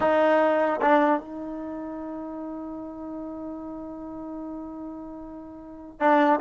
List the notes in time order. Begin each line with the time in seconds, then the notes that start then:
0.00 D#4
0.81 D4
1.19 D#4
5.99 D4